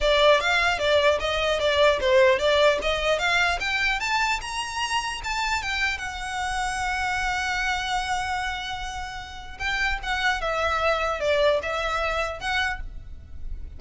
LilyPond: \new Staff \with { instrumentName = "violin" } { \time 4/4 \tempo 4 = 150 d''4 f''4 d''4 dis''4 | d''4 c''4 d''4 dis''4 | f''4 g''4 a''4 ais''4~ | ais''4 a''4 g''4 fis''4~ |
fis''1~ | fis''1 | g''4 fis''4 e''2 | d''4 e''2 fis''4 | }